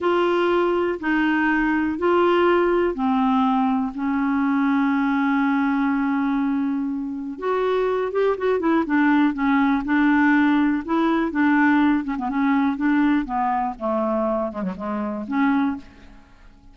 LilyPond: \new Staff \with { instrumentName = "clarinet" } { \time 4/4 \tempo 4 = 122 f'2 dis'2 | f'2 c'2 | cis'1~ | cis'2. fis'4~ |
fis'8 g'8 fis'8 e'8 d'4 cis'4 | d'2 e'4 d'4~ | d'8 cis'16 b16 cis'4 d'4 b4 | a4. gis16 fis16 gis4 cis'4 | }